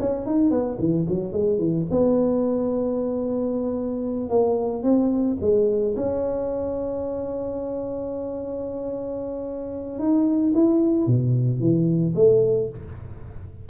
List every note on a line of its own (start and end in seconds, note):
0.00 0.26 C#4
0.26 0.51 D#4
0.51 0.78 B3
0.80 1.07 E3
1.09 1.33 F#3
1.33 1.59 G#3
1.59 1.86 E3
1.91 4.30 B3
4.30 4.83 A#3
4.83 5.37 C4
5.41 5.95 G#3
5.97 9.99 C#4
9.99 10.53 D#4
10.55 11.07 E4
11.07 11.60 B2
11.60 12.14 E3
12.15 12.69 A3